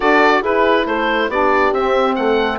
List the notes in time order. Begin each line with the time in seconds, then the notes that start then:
0.00 D4 F#4 A4 D5
0.41 E4 G#4 B4
0.86 A3 A4 C5
1.28 B3 D4 G4 D5
1.72 C4 E5
2.15 A3 A4 F#5